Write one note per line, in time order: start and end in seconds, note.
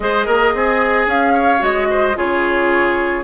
0.00 0.26 G#3
0.00 1.59 G#4
0.00 0.25 C5
0.00 1.08 D#5
0.25 0.54 A#3
0.25 0.52 A#4
0.54 1.06 C4
0.54 1.33 G#4
1.06 1.60 C#4
1.06 1.63 F5
1.33 1.87 C#5
1.59 2.16 G#3
1.59 2.13 F#4
1.59 2.17 D#5
1.89 2.16 C5
2.15 3.24 C#3
2.15 3.23 F4
2.15 3.24 G#4
2.15 3.24 C#5